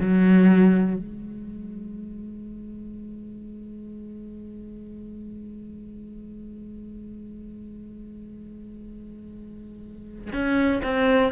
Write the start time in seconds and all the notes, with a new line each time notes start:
0.00 F#3
0.97 G#3
10.33 C#4
10.83 C4